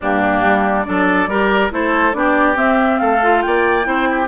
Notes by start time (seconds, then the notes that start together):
0.01 G2 A#3 D4 G4
0.43 G3
0.83 F#3 D4 A4 D5
1.27 G3 G4 A#4
1.70 A3 E4 A4 C5
2.13 B3 D4 G4 D5
2.55 C4 E5
2.99 A3 A4 F5
3.22 F4
3.42 A#3 D5 G5
3.83 C4 E4 C5
4.10 G4